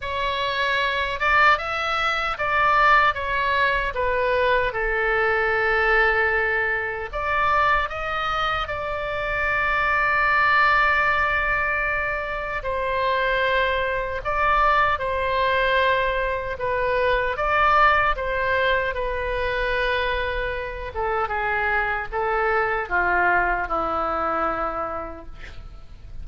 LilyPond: \new Staff \with { instrumentName = "oboe" } { \time 4/4 \tempo 4 = 76 cis''4. d''8 e''4 d''4 | cis''4 b'4 a'2~ | a'4 d''4 dis''4 d''4~ | d''1 |
c''2 d''4 c''4~ | c''4 b'4 d''4 c''4 | b'2~ b'8 a'8 gis'4 | a'4 f'4 e'2 | }